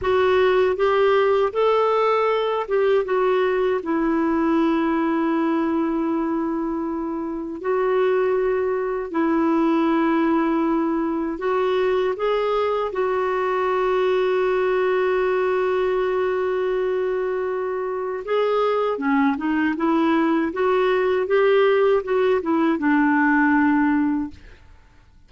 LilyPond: \new Staff \with { instrumentName = "clarinet" } { \time 4/4 \tempo 4 = 79 fis'4 g'4 a'4. g'8 | fis'4 e'2.~ | e'2 fis'2 | e'2. fis'4 |
gis'4 fis'2.~ | fis'1 | gis'4 cis'8 dis'8 e'4 fis'4 | g'4 fis'8 e'8 d'2 | }